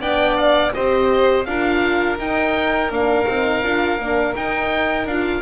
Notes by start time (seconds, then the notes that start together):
0.00 B3 D4 D5 G5
0.37 F5
0.73 C4 G4 C5 D#5
1.45 D4 F4 A#4 F5
2.18 D#4 G5
2.89 A#3 D4 F5
3.26 C4 D#4
3.63 D4 F4
3.99 A#3 D4
4.35 D#4 G5
5.06 D4 F4 F5